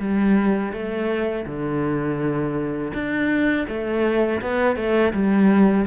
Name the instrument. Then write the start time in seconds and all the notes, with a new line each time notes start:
cello
0.00 G3
0.73 A3
1.47 D3
2.94 D4
3.69 A3
4.42 B3
4.77 A3
5.13 G3